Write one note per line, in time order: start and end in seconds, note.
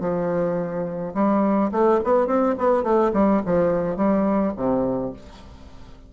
0.00 1.13 F3
1.14 1.71 G3
1.72 2.00 A3
2.04 2.27 B3
2.27 2.55 C4
2.58 2.83 B3
2.83 3.11 A3
3.13 3.42 G3
3.46 3.96 F3
3.96 4.53 G3
4.56 5.13 C3